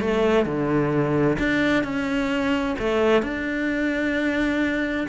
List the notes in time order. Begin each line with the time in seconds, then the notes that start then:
0.00 A3
0.45 D3
1.38 D4
1.83 C#4
2.79 A3
3.22 D4